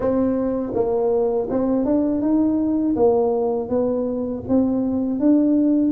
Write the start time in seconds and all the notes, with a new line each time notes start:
0.00 C4
0.74 A#3
1.49 C4
1.85 D4
2.21 D#4
2.96 A#3
3.69 B3
4.48 C4
5.19 D4